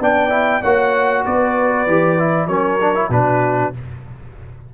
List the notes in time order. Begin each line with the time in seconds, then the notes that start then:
0.00 B3 D4 D5 G5
0.30 E4
0.62 A#3 F#4 C#5 F#5
1.25 B3 B4 D5
1.87 E3 G4
2.19 E4
2.47 F#3 C#4 A#4 C#5
2.81 D4
2.95 E4
3.10 B2 D4 F#4 B4